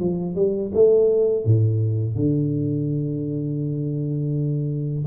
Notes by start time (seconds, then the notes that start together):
0.00 F3
0.35 G3
0.74 A3
1.45 A2
2.16 D3